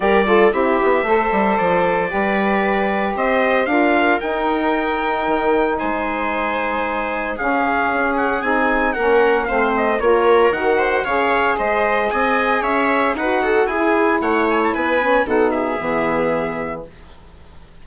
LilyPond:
<<
  \new Staff \with { instrumentName = "trumpet" } { \time 4/4 \tempo 4 = 114 d''4 e''2 d''4~ | d''2 dis''4 f''4 | g''2. gis''4~ | gis''2 f''4. fis''8 |
gis''4 fis''4 f''8 dis''8 cis''4 | fis''4 f''4 dis''4 gis''4 | e''4 fis''4 gis''4 fis''8 gis''16 a''16 | gis''4 fis''8 e''2~ e''8 | }
  \new Staff \with { instrumentName = "viola" } { \time 4/4 ais'8 a'8 g'4 c''2 | b'2 c''4 ais'4~ | ais'2. c''4~ | c''2 gis'2~ |
gis'4 ais'4 c''4 ais'4~ | ais'8 c''8 cis''4 c''4 dis''4 | cis''4 b'8 a'8 gis'4 cis''4 | b'4 a'8 gis'2~ gis'8 | }
  \new Staff \with { instrumentName = "saxophone" } { \time 4/4 g'8 f'8 e'4 a'2 | g'2. f'4 | dis'1~ | dis'2 cis'2 |
dis'4 cis'4 c'4 f'4 | fis'4 gis'2.~ | gis'4 fis'4 e'2~ | e'8 cis'8 dis'4 b2 | }
  \new Staff \with { instrumentName = "bassoon" } { \time 4/4 g4 c'8 b8 a8 g8 f4 | g2 c'4 d'4 | dis'2 dis4 gis4~ | gis2 cis4 cis'4 |
c'4 ais4 a4 ais4 | dis4 cis4 gis4 c'4 | cis'4 dis'4 e'4 a4 | b4 b,4 e2 | }
>>